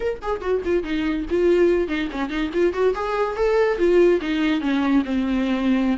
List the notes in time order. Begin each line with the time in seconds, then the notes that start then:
0.00 A#4
0.22 G#4
0.41 F#4
0.64 F4
0.83 D#4
1.30 F4
1.87 D#4
2.11 C#4
2.29 D#4
2.53 F4
2.73 F#4
2.95 G#4
3.35 A4
3.78 F4
4.21 D#4
4.60 C#4
5.05 C4